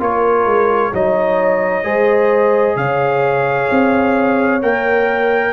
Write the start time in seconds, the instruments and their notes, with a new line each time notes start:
0.00 tuba A#3, trombone F4, horn A#4, trumpet C#5
0.46 tuba G#3
0.93 tuba F#3, trombone D#4, horn C#5, trumpet D#5
1.84 tuba G#3, trombone G#4, horn C5
2.76 tuba C#3, horn C#5, trumpet F5
3.71 tuba C4
4.62 tuba A#3, trombone A#4, trumpet G5